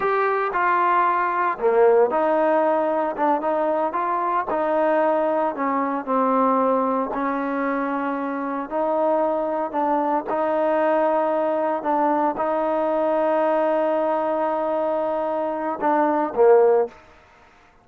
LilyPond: \new Staff \with { instrumentName = "trombone" } { \time 4/4 \tempo 4 = 114 g'4 f'2 ais4 | dis'2 d'8 dis'4 f'8~ | f'8 dis'2 cis'4 c'8~ | c'4. cis'2~ cis'8~ |
cis'8 dis'2 d'4 dis'8~ | dis'2~ dis'8 d'4 dis'8~ | dis'1~ | dis'2 d'4 ais4 | }